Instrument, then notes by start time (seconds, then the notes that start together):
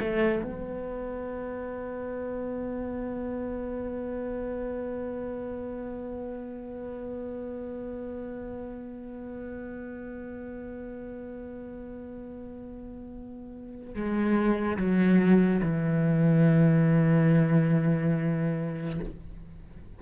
cello
0.00 A3
0.43 B3
13.95 G#3
14.77 F#3
15.62 E3